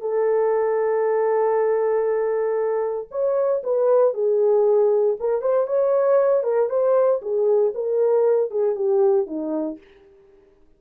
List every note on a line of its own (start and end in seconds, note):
0.00 3.08 A4
3.11 3.62 C#5
3.63 4.14 B4
4.14 5.16 G#4
5.20 5.41 A#4
5.41 5.66 C5
5.67 6.43 C#5
6.43 6.69 A#4
6.69 7.21 C5
7.22 7.73 G#4
7.74 8.50 A#4
8.50 8.75 G#4
8.75 9.26 G4
9.26 9.77 D#4